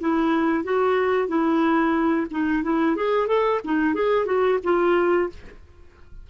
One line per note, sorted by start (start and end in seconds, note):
0.00 0.64 E4
0.64 1.28 F#4
1.28 2.27 E4
2.31 2.63 D#4
2.63 2.96 E4
2.96 3.27 G#4
3.27 3.60 A4
3.64 3.94 D#4
3.94 4.26 G#4
4.26 4.59 F#4
4.64 5.30 F4